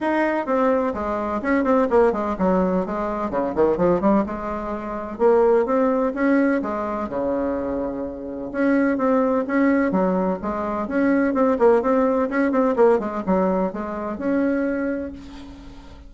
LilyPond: \new Staff \with { instrumentName = "bassoon" } { \time 4/4 \tempo 4 = 127 dis'4 c'4 gis4 cis'8 c'8 | ais8 gis8 fis4 gis4 cis8 dis8 | f8 g8 gis2 ais4 | c'4 cis'4 gis4 cis4~ |
cis2 cis'4 c'4 | cis'4 fis4 gis4 cis'4 | c'8 ais8 c'4 cis'8 c'8 ais8 gis8 | fis4 gis4 cis'2 | }